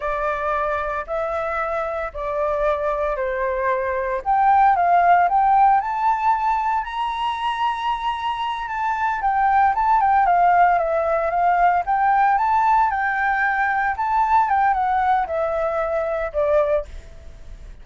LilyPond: \new Staff \with { instrumentName = "flute" } { \time 4/4 \tempo 4 = 114 d''2 e''2 | d''2 c''2 | g''4 f''4 g''4 a''4~ | a''4 ais''2.~ |
ais''8 a''4 g''4 a''8 g''8 f''8~ | f''8 e''4 f''4 g''4 a''8~ | a''8 g''2 a''4 g''8 | fis''4 e''2 d''4 | }